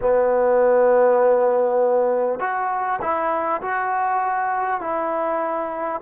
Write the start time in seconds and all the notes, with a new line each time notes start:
0.01 B3
2.39 F#4
3.01 E4
3.61 F#4
4.81 E4